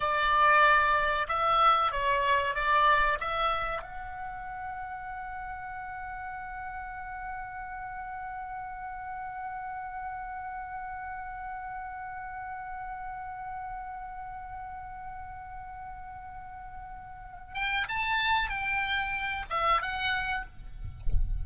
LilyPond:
\new Staff \with { instrumentName = "oboe" } { \time 4/4 \tempo 4 = 94 d''2 e''4 cis''4 | d''4 e''4 fis''2~ | fis''1~ | fis''1~ |
fis''1~ | fis''1~ | fis''2.~ fis''8 g''8 | a''4 g''4. e''8 fis''4 | }